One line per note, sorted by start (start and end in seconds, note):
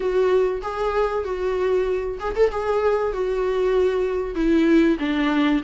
0.00 0.61 F#4
0.62 1.24 G#4
1.24 2.18 F#4
2.19 2.35 G#4
2.35 2.51 A4
2.51 3.12 G#4
3.12 4.35 F#4
4.35 4.97 E4
4.99 5.61 D4